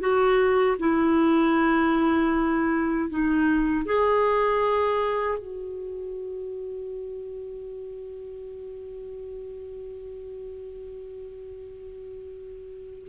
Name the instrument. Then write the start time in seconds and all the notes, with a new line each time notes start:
clarinet
0.00 F#4
0.79 E4
3.10 D#4
3.86 G#4
5.39 F#4